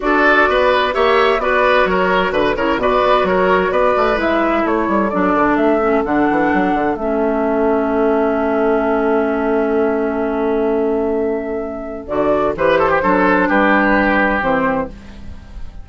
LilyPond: <<
  \new Staff \with { instrumentName = "flute" } { \time 4/4 \tempo 4 = 129 d''2 e''4 d''4 | cis''4 b'8 cis''8 d''4 cis''4 | d''4 e''4 cis''4 d''4 | e''4 fis''2 e''4~ |
e''1~ | e''1~ | e''2 d''4 c''4~ | c''4 b'2 c''4 | }
  \new Staff \with { instrumentName = "oboe" } { \time 4/4 a'4 b'4 cis''4 b'4 | ais'4 b'8 ais'8 b'4 ais'4 | b'2 a'2~ | a'1~ |
a'1~ | a'1~ | a'2. b'8 a'16 g'16 | a'4 g'2. | }
  \new Staff \with { instrumentName = "clarinet" } { \time 4/4 fis'2 g'4 fis'4~ | fis'4. e'8 fis'2~ | fis'4 e'2 d'4~ | d'8 cis'8 d'2 cis'4~ |
cis'1~ | cis'1~ | cis'2 fis'4 g'4 | d'2. c'4 | }
  \new Staff \with { instrumentName = "bassoon" } { \time 4/4 d'4 b4 ais4 b4 | fis4 d8 cis8 b,8 b8 fis4 | b8 a8 gis4 a8 g8 fis8 d8 | a4 d8 e8 fis8 d8 a4~ |
a1~ | a1~ | a2 d4 e4 | fis4 g2 e4 | }
>>